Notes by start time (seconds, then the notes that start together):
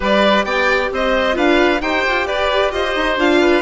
0.00 G3 G4 B4 D5
0.44 B3 D5 G5
0.92 C4 C5 D#5
1.32 D4 F4 B4 F5
1.81 D#4 G4 C5 G5
2.07 F4
2.25 G4 B4 D5
2.70 F4 C5 D#5
2.95 D#4
3.17 D4 F4 F5
3.40 B4